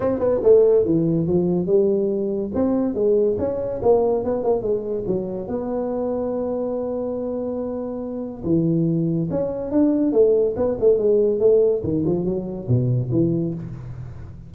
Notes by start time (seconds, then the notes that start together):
0.00 C4
0.19 B3
0.43 A3
0.85 E3
1.27 F3
1.66 G3
2.54 C4
2.94 G#3
3.38 C#4
3.82 A#3
4.24 B3
4.43 A#3
4.62 G#3
5.06 F#3
5.47 B3
8.44 E3
9.30 C#4
9.71 D4
10.12 A3
10.56 B3
10.80 A3
10.98 G#3
11.39 A3
11.83 D#3
12.06 F3
12.25 F#3
12.68 B2
13.11 E3